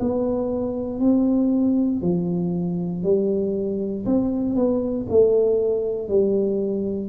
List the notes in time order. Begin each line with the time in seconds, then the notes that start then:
0.00 B3
1.00 C4
2.02 F3
3.03 G3
4.05 C4
4.55 B3
5.09 A3
6.08 G3